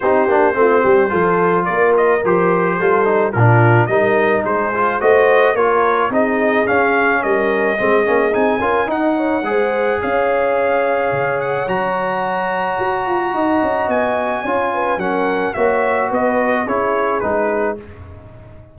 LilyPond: <<
  \new Staff \with { instrumentName = "trumpet" } { \time 4/4 \tempo 4 = 108 c''2. d''8 dis''8 | c''2 ais'4 dis''4 | c''4 dis''4 cis''4 dis''4 | f''4 dis''2 gis''4 |
fis''2 f''2~ | f''8 fis''8 ais''2.~ | ais''4 gis''2 fis''4 | e''4 dis''4 cis''4 b'4 | }
  \new Staff \with { instrumentName = "horn" } { \time 4/4 g'4 f'8 g'8 a'4 ais'4~ | ais'4 a'4 f'4 ais'4 | gis'4 c''4 ais'4 gis'4~ | gis'4 ais'4 gis'4. ais'8 |
dis''8 cis''8 c''4 cis''2~ | cis''1 | dis''2 cis''8 b'8 ais'4 | cis''4 b'4 gis'2 | }
  \new Staff \with { instrumentName = "trombone" } { \time 4/4 dis'8 d'8 c'4 f'2 | g'4 f'8 dis'8 d'4 dis'4~ | dis'8 f'8 fis'4 f'4 dis'4 | cis'2 c'8 cis'8 dis'8 f'8 |
dis'4 gis'2.~ | gis'4 fis'2.~ | fis'2 f'4 cis'4 | fis'2 e'4 dis'4 | }
  \new Staff \with { instrumentName = "tuba" } { \time 4/4 c'8 ais8 a8 g8 f4 ais4 | f4 g4 ais,4 g4 | gis4 a4 ais4 c'4 | cis'4 g4 gis8 ais8 c'8 cis'8 |
dis'4 gis4 cis'2 | cis4 fis2 fis'8 f'8 | dis'8 cis'8 b4 cis'4 fis4 | ais4 b4 cis'4 gis4 | }
>>